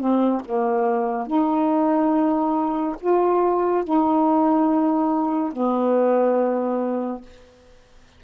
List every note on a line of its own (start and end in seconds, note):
0.00 0.42 C4
0.46 1.28 A#3
1.28 2.97 D#4
3.01 3.85 F4
3.85 5.53 D#4
5.53 7.22 B3